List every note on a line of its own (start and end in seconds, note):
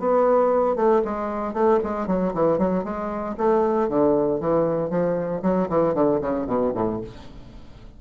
0.00 0.76 B3
0.76 1.02 A3
1.05 1.54 G#3
1.54 1.79 A3
1.84 2.07 G#3
2.07 2.33 F#3
2.34 2.59 E3
2.59 2.84 F#3
2.84 3.36 G#3
3.38 3.89 A3
3.89 4.41 D3
4.41 4.90 E3
4.90 5.42 F3
5.43 5.68 F#3
5.70 5.94 E3
5.94 6.20 D3
6.21 6.47 C#3
6.47 6.73 B2
6.75 7.01 A2